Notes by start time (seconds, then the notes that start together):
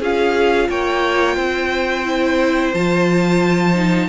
0.00 C#4 F4 G#4 F5
0.69 A#3 C#5 G5
1.36 C4 C5
2.05 E4
2.73 F3 F4 A5
3.74 D#4